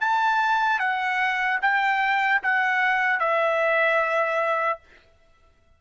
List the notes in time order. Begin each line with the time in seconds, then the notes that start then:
0.00 A5
0.79 F#5
1.61 G5
2.42 F#5
3.19 E5